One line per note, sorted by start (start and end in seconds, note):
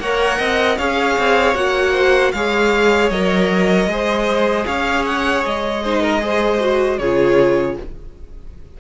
0.00 0.39 A#3
0.00 0.79 A#4
0.00 0.39 C#5
0.00 0.78 F#5
0.39 0.79 C4
0.39 0.78 D#5
0.78 1.18 C#4
0.78 1.55 G#4
0.78 1.93 C#5
0.78 1.55 F5
1.19 1.55 C4
1.55 2.33 A#3
1.55 2.33 F#4
1.55 2.32 F#5
1.93 2.32 C5
2.32 3.11 G#3
2.32 3.13 G#4
2.32 3.91 C#5
2.32 3.10 F5
3.10 3.87 F#3
3.10 3.90 A#4
3.10 4.66 D#5
3.87 4.65 G#3
3.87 5.84 G#4
3.87 4.67 C5
4.66 5.46 C#4
4.66 5.84 C#5
4.66 5.05 F5
5.06 5.45 F#5
5.46 7.00 G#3
5.46 6.99 D#5
5.84 6.20 D#4
5.84 6.02 C5
6.02 6.22 A#4
6.20 6.59 G#4
6.20 7.00 C5
6.61 7.00 F#4
6.99 7.78 C#3
6.99 7.81 F4
6.99 7.78 G#4
6.99 7.77 C#5